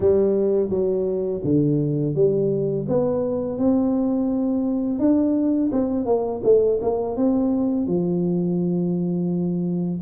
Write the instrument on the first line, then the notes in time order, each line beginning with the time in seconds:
tuba
0.00 G3
0.69 F#3
1.44 D3
2.15 G3
2.88 B3
3.57 C4
4.99 D4
5.71 C4
6.05 A#3
6.43 A3
6.81 A#3
7.16 C4
7.86 F3